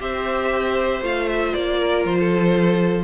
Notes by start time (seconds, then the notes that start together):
0.00 C4 G4 C5 E5
1.02 A3 F4 F5
1.29 E5
1.54 A#3 D5
1.80 A#4
2.05 F3 C5
2.20 A4